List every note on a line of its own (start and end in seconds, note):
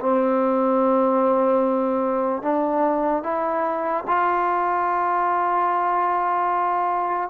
0.00 2.42 C4
2.42 3.23 D4
3.23 4.04 E4
4.07 7.30 F4